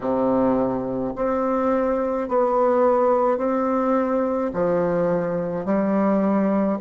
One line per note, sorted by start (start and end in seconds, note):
0.00 1.13 C3
1.15 2.28 C4
2.28 3.37 B3
3.37 4.50 C4
4.53 5.65 F3
5.65 6.78 G3